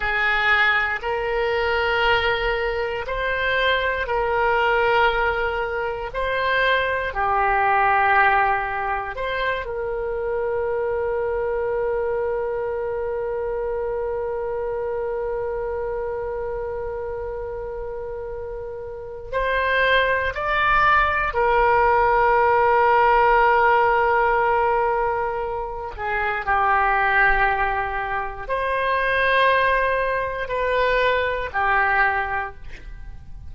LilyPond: \new Staff \with { instrumentName = "oboe" } { \time 4/4 \tempo 4 = 59 gis'4 ais'2 c''4 | ais'2 c''4 g'4~ | g'4 c''8 ais'2~ ais'8~ | ais'1~ |
ais'2. c''4 | d''4 ais'2.~ | ais'4. gis'8 g'2 | c''2 b'4 g'4 | }